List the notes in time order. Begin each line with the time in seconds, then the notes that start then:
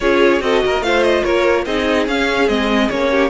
0.00 C#4 F4 G#4 C#5
0.40 C4 F#4 A4 D#5
0.65 A#3 A#4
0.80 A3 F4 C5 F5
1.03 D#5
1.23 A#3 A#4 C#5
1.65 C4 D#4 G#4 D#5
2.07 C#4 F5
2.48 G#3 C4 D#5
2.89 A#3 C#4 C#5
3.10 G4